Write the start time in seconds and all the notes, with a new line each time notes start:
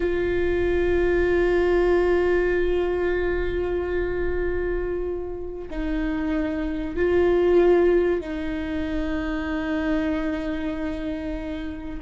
0.00 F4
5.70 D#4
6.96 F4
8.20 D#4